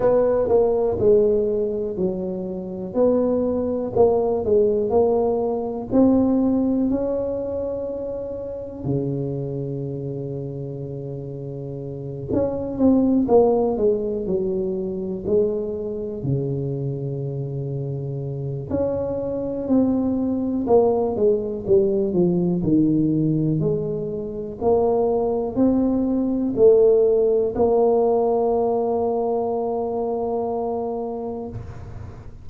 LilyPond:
\new Staff \with { instrumentName = "tuba" } { \time 4/4 \tempo 4 = 61 b8 ais8 gis4 fis4 b4 | ais8 gis8 ais4 c'4 cis'4~ | cis'4 cis2.~ | cis8 cis'8 c'8 ais8 gis8 fis4 gis8~ |
gis8 cis2~ cis8 cis'4 | c'4 ais8 gis8 g8 f8 dis4 | gis4 ais4 c'4 a4 | ais1 | }